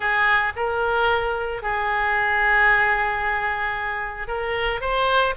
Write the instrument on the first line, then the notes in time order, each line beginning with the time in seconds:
oboe
0.00 G#4
0.56 A#4
1.62 G#4
4.27 A#4
4.81 C5